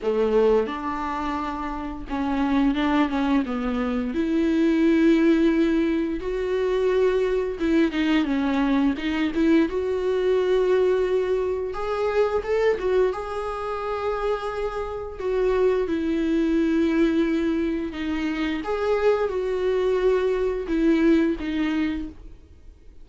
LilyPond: \new Staff \with { instrumentName = "viola" } { \time 4/4 \tempo 4 = 87 a4 d'2 cis'4 | d'8 cis'8 b4 e'2~ | e'4 fis'2 e'8 dis'8 | cis'4 dis'8 e'8 fis'2~ |
fis'4 gis'4 a'8 fis'8 gis'4~ | gis'2 fis'4 e'4~ | e'2 dis'4 gis'4 | fis'2 e'4 dis'4 | }